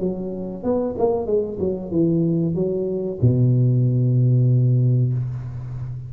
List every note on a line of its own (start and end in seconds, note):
0.00 0.63 F#3
0.63 0.95 B3
0.98 1.26 A#3
1.26 1.58 G#3
1.59 1.91 F#3
1.91 2.55 E3
2.55 3.19 F#3
3.22 5.13 B2